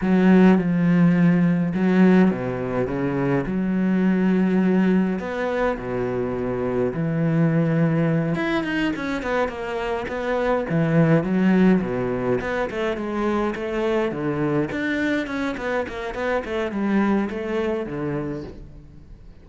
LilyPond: \new Staff \with { instrumentName = "cello" } { \time 4/4 \tempo 4 = 104 fis4 f2 fis4 | b,4 cis4 fis2~ | fis4 b4 b,2 | e2~ e8 e'8 dis'8 cis'8 |
b8 ais4 b4 e4 fis8~ | fis8 b,4 b8 a8 gis4 a8~ | a8 d4 d'4 cis'8 b8 ais8 | b8 a8 g4 a4 d4 | }